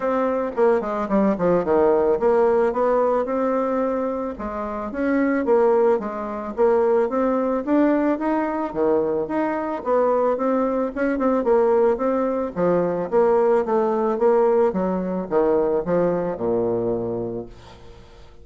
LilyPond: \new Staff \with { instrumentName = "bassoon" } { \time 4/4 \tempo 4 = 110 c'4 ais8 gis8 g8 f8 dis4 | ais4 b4 c'2 | gis4 cis'4 ais4 gis4 | ais4 c'4 d'4 dis'4 |
dis4 dis'4 b4 c'4 | cis'8 c'8 ais4 c'4 f4 | ais4 a4 ais4 fis4 | dis4 f4 ais,2 | }